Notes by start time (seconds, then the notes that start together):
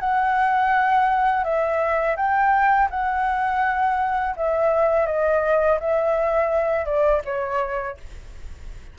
0.00 F#5
1.44 E5
2.17 G5
2.91 F#5
4.36 E5
5.07 D#5
5.80 E5
6.85 D5
7.25 C#5